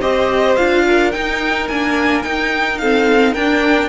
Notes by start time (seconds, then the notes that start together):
0.00 C4 G4 C5 D#5
0.56 D4 F4 F5
0.86 A#4
1.11 D#4 G5
1.67 A#3 D4 G#5
2.22 D#4 G5
2.78 C4 A4 F5
3.33 D4 A#4 G5